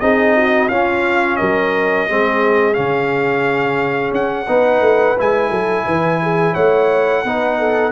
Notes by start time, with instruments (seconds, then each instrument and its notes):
0.00 tuba C4, trombone D#4, horn G#4, trumpet D#5
0.36 horn F#4
0.68 tuba C#4, trombone C#4, horn F4, trumpet F5
1.36 tuba F#3, horn A#4, trumpet D#5
2.09 tuba G#3, trombone C4, horn G#4
2.74 tuba C#3, trombone C#4, trumpet F5
4.12 tuba C#4, trumpet F#5
4.48 tuba B3, trombone D#4, horn B4
4.81 tuba A3
5.19 tuba G#3, trombone E4, trumpet G#5
5.50 tuba F#3, horn A4
5.86 tuba E3, horn B4
6.22 horn G#4
6.54 tuba A3, horn C#5, trumpet F#5
7.24 tuba B3, trombone D#4, horn B4
7.59 horn A4